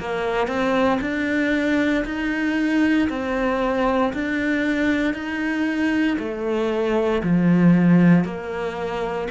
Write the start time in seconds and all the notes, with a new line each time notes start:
0.00 A#3
0.47 C4
1.02 D4
2.05 D#4
3.10 C4
4.14 D4
5.14 D#4
6.19 A3
7.23 F3
8.25 A#3